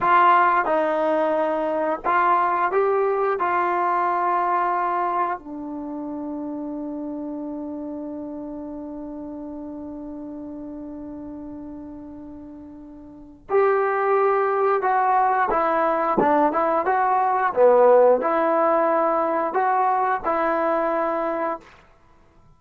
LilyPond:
\new Staff \with { instrumentName = "trombone" } { \time 4/4 \tempo 4 = 89 f'4 dis'2 f'4 | g'4 f'2. | d'1~ | d'1~ |
d'1 | g'2 fis'4 e'4 | d'8 e'8 fis'4 b4 e'4~ | e'4 fis'4 e'2 | }